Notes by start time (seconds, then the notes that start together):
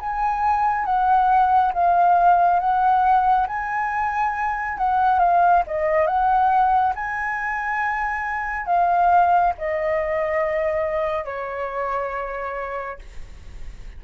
0.00 G#5
0.85 F#5
1.74 F5
2.60 F#5
3.47 G#5
4.77 F#5
5.19 F5
5.67 D#5
6.07 F#5
6.95 G#5
8.66 F5
9.58 D#5
11.25 C#5